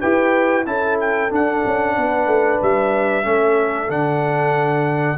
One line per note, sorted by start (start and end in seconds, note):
0.00 0.66 E4
0.00 0.65 G4
0.00 0.65 B4
0.00 0.65 G5
0.65 1.30 C#4
0.65 1.29 E4
0.65 1.96 A4
0.65 0.98 A5
1.00 1.32 G5
1.29 3.23 D4
1.29 1.63 D4
1.29 2.62 F#5
1.65 1.97 C#4
1.96 2.26 B3
1.96 3.25 B4
2.26 2.59 A3
2.61 3.24 G3
2.61 3.90 E5
3.23 3.88 A3
3.23 3.87 C#4
3.23 5.18 A4
3.88 5.17 D3
3.88 5.17 D4
3.88 5.18 F#5